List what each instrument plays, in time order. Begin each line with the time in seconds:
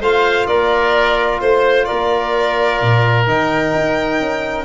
0.00 tuba A3, trombone F4, oboe C5, violin F5
0.47 tuba A#3, oboe A#4, violin D5
1.41 tuba A3, violin C5, oboe C5
1.85 oboe A#4, violin D5
1.92 tuba A#3
2.82 tuba A#2
3.27 tuba D#3, trombone D#4, violin G5
3.75 tuba D#4
4.20 tuba C#4